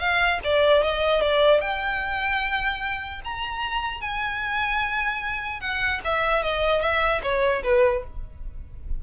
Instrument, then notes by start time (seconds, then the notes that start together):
violin
0.00 F5
0.45 D5
0.83 D#5
1.22 D5
1.61 G5
3.25 A#5
4.01 G#5
5.61 F#5
6.05 E5
6.43 D#5
6.82 E5
7.23 C#5
7.64 B4